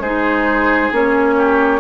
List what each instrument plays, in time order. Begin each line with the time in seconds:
0.00 bassoon G#3, clarinet D#4, oboe G#4, flute C5
0.93 bassoon A#3, clarinet C#4, flute C#5
1.37 oboe G4